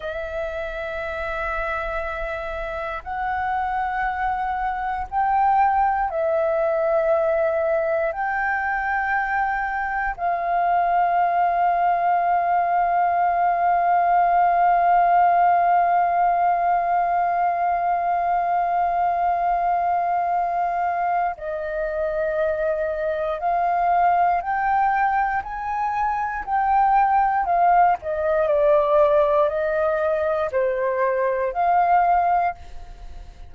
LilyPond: \new Staff \with { instrumentName = "flute" } { \time 4/4 \tempo 4 = 59 e''2. fis''4~ | fis''4 g''4 e''2 | g''2 f''2~ | f''1~ |
f''1~ | f''4 dis''2 f''4 | g''4 gis''4 g''4 f''8 dis''8 | d''4 dis''4 c''4 f''4 | }